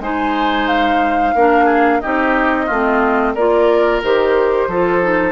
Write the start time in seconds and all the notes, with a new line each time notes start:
0.00 G#3 D#4 C5 G#5
0.67 F5
1.35 A#3 D4 A#4
1.65 G#4
2.00 C4 D#4 G4 D#5
2.66 A3 C4 F4
3.35 A#3 F4 A#4 D5
4.03 D#3 G4 C5
4.67 F3 F4 A4
5.02 D#4